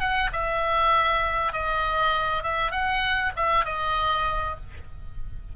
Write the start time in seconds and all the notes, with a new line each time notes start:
0.00 F#5
0.33 E5
1.53 D#5
2.43 E5
2.71 F#5
3.36 E5
3.65 D#5